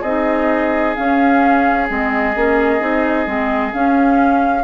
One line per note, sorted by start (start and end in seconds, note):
0.00 0.95 C4
0.00 0.96 D#4
0.00 4.62 G#4
0.00 0.94 D#5
0.95 1.88 C#4
0.95 1.89 C#4
0.95 1.87 F5
1.88 2.35 G#3
1.88 2.34 C4
1.88 3.73 D#5
2.35 2.81 A#3
2.35 2.80 C#4
2.80 3.26 C4
2.80 3.26 D#4
3.26 3.72 G#3
3.26 3.72 C4
3.73 4.64 C#4
3.73 4.64 F5